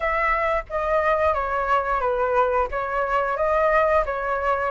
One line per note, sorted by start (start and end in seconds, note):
0.00 0.63 E5
0.69 1.33 D#5
1.33 2.00 C#5
2.00 2.67 B4
2.71 3.36 C#5
3.36 4.04 D#5
4.05 4.71 C#5